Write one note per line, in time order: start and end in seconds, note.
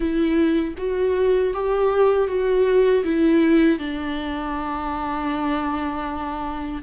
0.00 0.74 E4
0.77 1.53 F#4
1.53 2.28 G4
2.28 3.03 F#4
3.04 3.78 E4
3.78 6.82 D4